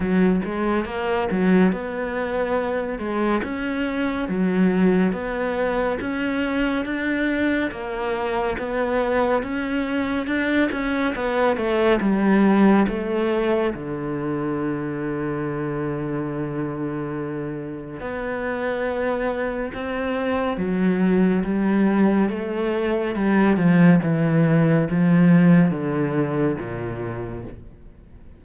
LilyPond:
\new Staff \with { instrumentName = "cello" } { \time 4/4 \tempo 4 = 70 fis8 gis8 ais8 fis8 b4. gis8 | cis'4 fis4 b4 cis'4 | d'4 ais4 b4 cis'4 | d'8 cis'8 b8 a8 g4 a4 |
d1~ | d4 b2 c'4 | fis4 g4 a4 g8 f8 | e4 f4 d4 ais,4 | }